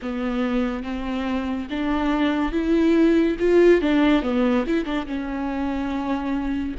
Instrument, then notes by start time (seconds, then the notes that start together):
viola
0.02 B3
0.83 C4
1.70 D4
2.51 E4
3.39 F4
3.81 D4
4.22 B3
4.66 E4
4.84 D4
5.06 C#4